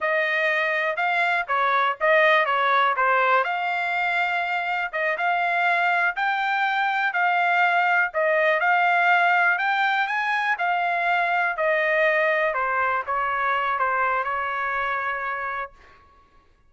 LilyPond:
\new Staff \with { instrumentName = "trumpet" } { \time 4/4 \tempo 4 = 122 dis''2 f''4 cis''4 | dis''4 cis''4 c''4 f''4~ | f''2 dis''8 f''4.~ | f''8 g''2 f''4.~ |
f''8 dis''4 f''2 g''8~ | g''8 gis''4 f''2 dis''8~ | dis''4. c''4 cis''4. | c''4 cis''2. | }